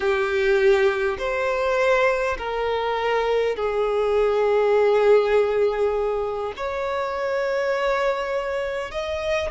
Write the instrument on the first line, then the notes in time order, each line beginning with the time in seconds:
violin
0.00 G4
1.18 C5
2.38 A#4
3.56 G#4
6.56 C#5
8.91 D#5